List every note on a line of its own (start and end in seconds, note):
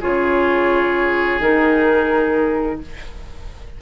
0.00 1.39 C#3
0.00 1.41 F4
0.00 2.79 G#4
0.00 1.41 C#5
1.39 2.79 D#3
1.39 2.81 D#4
1.39 2.81 A#4